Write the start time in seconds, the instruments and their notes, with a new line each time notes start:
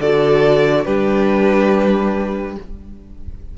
0.00 cello D3, viola F#4, violin A4 D5
0.85 cello G3, viola D4, violin G4 B4